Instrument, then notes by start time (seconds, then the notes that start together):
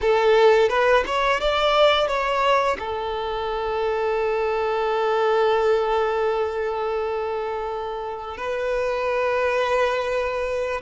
violin
0.01 A4
0.68 B4
1.06 C#5
1.40 D5
2.07 C#5
2.79 A4
8.37 B4